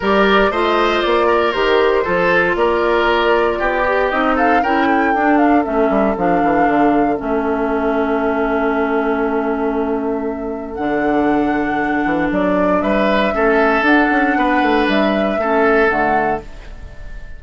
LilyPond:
<<
  \new Staff \with { instrumentName = "flute" } { \time 4/4 \tempo 4 = 117 d''4 dis''4 d''4 c''4~ | c''4 d''2. | dis''8 f''8 g''4. f''8 e''4 | f''2 e''2~ |
e''1~ | e''4 fis''2. | d''4 e''2 fis''4~ | fis''4 e''2 fis''4 | }
  \new Staff \with { instrumentName = "oboe" } { \time 4/4 ais'4 c''4. ais'4. | a'4 ais'2 g'4~ | g'8 a'8 ais'8 a'2~ a'8~ | a'1~ |
a'1~ | a'1~ | a'4 b'4 a'2 | b'2 a'2 | }
  \new Staff \with { instrumentName = "clarinet" } { \time 4/4 g'4 f'2 g'4 | f'2.~ f'8 g'8 | dis'4 e'4 d'4 cis'4 | d'2 cis'2~ |
cis'1~ | cis'4 d'2.~ | d'2 cis'4 d'4~ | d'2 cis'4 a4 | }
  \new Staff \with { instrumentName = "bassoon" } { \time 4/4 g4 a4 ais4 dis4 | f4 ais2 b4 | c'4 cis'4 d'4 a8 g8 | f8 e8 d4 a2~ |
a1~ | a4 d2~ d8 e8 | fis4 g4 a4 d'8 cis'8 | b8 a8 g4 a4 d4 | }
>>